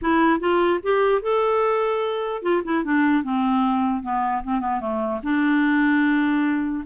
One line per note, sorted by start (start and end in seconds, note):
0.01 0.39 E4
0.39 0.80 F4
0.82 1.22 G4
1.22 2.42 A4
2.42 2.62 F4
2.64 2.84 E4
2.84 3.23 D4
3.23 4.02 C4
4.02 4.43 B3
4.43 4.60 C4
4.60 4.80 B3
4.80 5.20 A3
5.23 6.84 D4